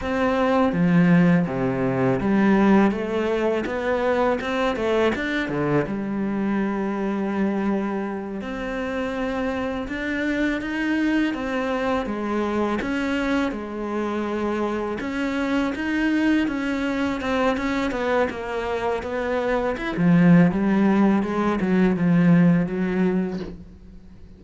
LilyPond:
\new Staff \with { instrumentName = "cello" } { \time 4/4 \tempo 4 = 82 c'4 f4 c4 g4 | a4 b4 c'8 a8 d'8 d8 | g2.~ g8 c'8~ | c'4. d'4 dis'4 c'8~ |
c'8 gis4 cis'4 gis4.~ | gis8 cis'4 dis'4 cis'4 c'8 | cis'8 b8 ais4 b4 e'16 f8. | g4 gis8 fis8 f4 fis4 | }